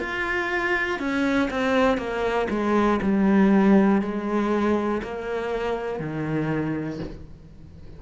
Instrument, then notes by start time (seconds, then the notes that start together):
cello
0.00 F4
1.00 C#4
1.50 C4
1.98 A#3
2.50 G#3
3.02 G3
4.01 G#3
5.03 A#3
6.00 D#3